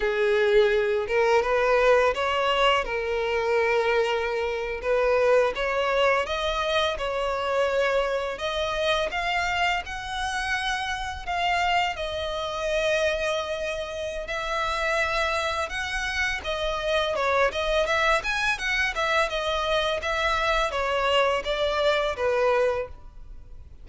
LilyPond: \new Staff \with { instrumentName = "violin" } { \time 4/4 \tempo 4 = 84 gis'4. ais'8 b'4 cis''4 | ais'2~ ais'8. b'4 cis''16~ | cis''8. dis''4 cis''2 dis''16~ | dis''8. f''4 fis''2 f''16~ |
f''8. dis''2.~ dis''16 | e''2 fis''4 dis''4 | cis''8 dis''8 e''8 gis''8 fis''8 e''8 dis''4 | e''4 cis''4 d''4 b'4 | }